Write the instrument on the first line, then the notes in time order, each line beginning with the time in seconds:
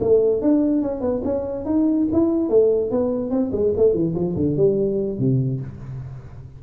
tuba
0.00 A3
0.41 D4
0.82 C#4
1.01 B3
1.24 C#4
1.65 D#4
2.12 E4
2.49 A3
2.91 B3
3.30 C4
3.52 G#3
3.77 A3
3.93 E3
4.14 F3
4.36 D3
4.56 G3
5.18 C3